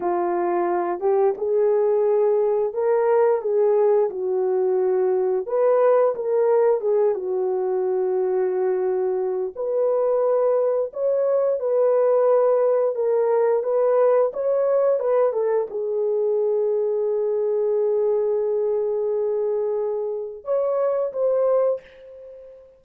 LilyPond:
\new Staff \with { instrumentName = "horn" } { \time 4/4 \tempo 4 = 88 f'4. g'8 gis'2 | ais'4 gis'4 fis'2 | b'4 ais'4 gis'8 fis'4.~ | fis'2 b'2 |
cis''4 b'2 ais'4 | b'4 cis''4 b'8 a'8 gis'4~ | gis'1~ | gis'2 cis''4 c''4 | }